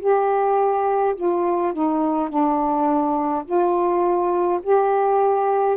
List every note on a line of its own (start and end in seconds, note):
0.00 1.15 G4
1.15 1.73 F4
1.73 2.29 D#4
2.29 3.45 D4
3.45 4.60 F4
4.63 5.77 G4